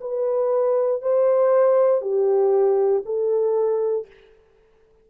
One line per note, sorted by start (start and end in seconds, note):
0.00 1.01 B4
1.01 2.01 C5
2.01 3.03 G4
3.05 4.07 A4